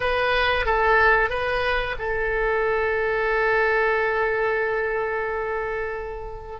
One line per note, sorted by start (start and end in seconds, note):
0.00 0.65 B4
0.65 1.29 A4
1.29 1.95 B4
1.98 6.60 A4